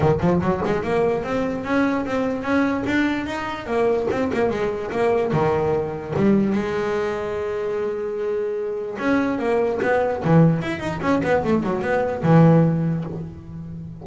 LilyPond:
\new Staff \with { instrumentName = "double bass" } { \time 4/4 \tempo 4 = 147 dis8 f8 fis8 gis8 ais4 c'4 | cis'4 c'4 cis'4 d'4 | dis'4 ais4 c'8 ais8 gis4 | ais4 dis2 g4 |
gis1~ | gis2 cis'4 ais4 | b4 e4 e'8 dis'8 cis'8 b8 | a8 fis8 b4 e2 | }